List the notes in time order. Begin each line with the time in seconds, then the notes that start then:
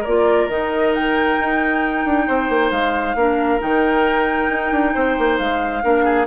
0.00 A#3 A#4 D5
0.07 F4
0.47 D#3 D#4 D#5
0.94 G5
1.40 D#4
2.05 D4
2.27 C4 C5
2.49 A#3
2.71 G#3 F5
3.15 A#3 D4 A#4
3.59 D#3 D#4 G5
4.49 D#4
4.71 D4
4.94 C4 C5
5.18 A#3
5.38 G#3 F5
5.82 A#3 D4 A#4
6.04 G#4